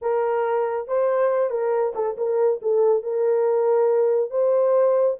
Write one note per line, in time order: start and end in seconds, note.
0.01 0.87 A#4
0.87 1.50 C5
1.50 1.93 A#4
1.95 2.16 A4
2.17 2.60 A#4
2.62 3.02 A4
3.02 4.30 A#4
4.30 5.16 C5